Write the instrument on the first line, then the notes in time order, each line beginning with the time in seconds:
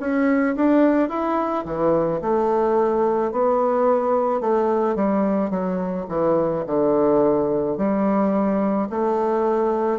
bassoon
0.00 C#4
0.56 D4
1.10 E4
1.65 E3
2.22 A3
3.32 B3
4.41 A3
4.96 G3
5.51 F#3
6.09 E3
6.67 D3
7.78 G3
8.90 A3